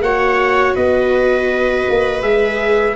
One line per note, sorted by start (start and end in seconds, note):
0.00 0.73 A#3
0.00 2.22 F#4
0.00 0.74 C#5
0.00 0.75 F#5
0.74 1.86 B3
0.74 2.94 B4
0.74 2.22 D#5
1.89 2.22 A#3
2.22 2.95 G#3
2.22 2.95 G#4
2.22 2.95 E5